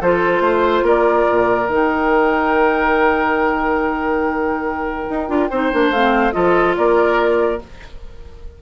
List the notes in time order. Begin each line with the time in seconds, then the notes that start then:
0.00 F3 F4 A4 C5
0.40 A3 C5
0.82 A#3 A#4 D5
1.31 A#2
1.68 D#3 D#4 G5
5.10 D#4
5.28 D4 F4
5.50 C4 D#4 C5
5.73 A#3 D4
5.90 A3 C4 F5
6.32 F3 F4 A4 D#5
6.76 A#3 A#4 D5